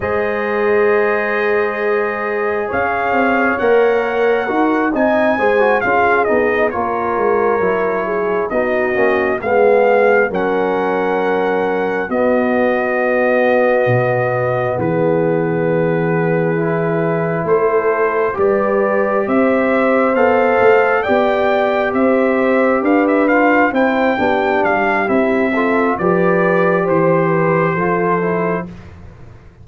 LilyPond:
<<
  \new Staff \with { instrumentName = "trumpet" } { \time 4/4 \tempo 4 = 67 dis''2. f''4 | fis''4. gis''4 f''8 dis''8 cis''8~ | cis''4. dis''4 f''4 fis''8~ | fis''4. dis''2~ dis''8~ |
dis''8 b'2. c''8~ | c''8 d''4 e''4 f''4 g''8~ | g''8 e''4 f''16 e''16 f''8 g''4 f''8 | e''4 d''4 c''2 | }
  \new Staff \with { instrumentName = "horn" } { \time 4/4 c''2. cis''4~ | cis''4 ais'8 dis''8 c''8 gis'4 ais'8~ | ais'4 gis'8 fis'4 gis'4 ais'8~ | ais'4. fis'2~ fis'8~ |
fis'8 gis'2. a'8~ | a'8 b'4 c''2 d''8~ | d''8 c''4 b'4 c''8 g'4~ | g'8 a'8 b'4 c''8 b'8 a'4 | }
  \new Staff \with { instrumentName = "trombone" } { \time 4/4 gis'1 | ais'4 fis'8 dis'8 gis'16 fis'16 f'8 dis'8 f'8~ | f'8 e'4 dis'8 cis'8 b4 cis'8~ | cis'4. b2~ b8~ |
b2~ b8 e'4.~ | e'8 g'2 a'4 g'8~ | g'2 f'8 e'8 d'4 | e'8 f'8 g'2 f'8 e'8 | }
  \new Staff \with { instrumentName = "tuba" } { \time 4/4 gis2. cis'8 c'8 | ais4 dis'8 c'8 gis8 cis'8 b8 ais8 | gis8 fis4 b8 ais8 gis4 fis8~ | fis4. b2 b,8~ |
b,8 e2. a8~ | a8 g4 c'4 b8 a8 b8~ | b8 c'4 d'4 c'8 b8 g8 | c'4 f4 e4 f4 | }
>>